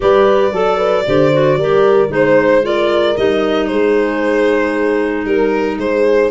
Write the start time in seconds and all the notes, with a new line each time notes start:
0.00 G3 G4 B4 D5
0.52 F#3 A4
0.77 B4
1.06 D3 G4 C5
1.33 F#4
1.56 G3 G4 A#4
2.08 G#3 D#4 C5
2.62 F4 A#4 D5
3.17 G3 D#4 D#5
3.67 G#3 G#4 C5
5.25 G3 A#4
5.77 G#3 G#4 C5